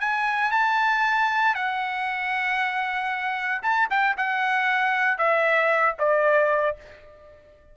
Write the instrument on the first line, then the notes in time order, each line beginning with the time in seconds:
trumpet
0.00 G#5
0.51 A5
1.55 F#5
3.63 A5
3.90 G5
4.17 F#5
5.18 E5
5.99 D5